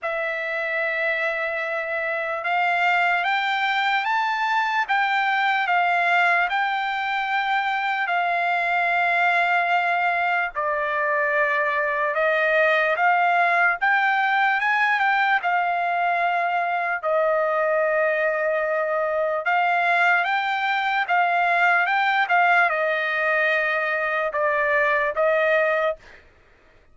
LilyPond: \new Staff \with { instrumentName = "trumpet" } { \time 4/4 \tempo 4 = 74 e''2. f''4 | g''4 a''4 g''4 f''4 | g''2 f''2~ | f''4 d''2 dis''4 |
f''4 g''4 gis''8 g''8 f''4~ | f''4 dis''2. | f''4 g''4 f''4 g''8 f''8 | dis''2 d''4 dis''4 | }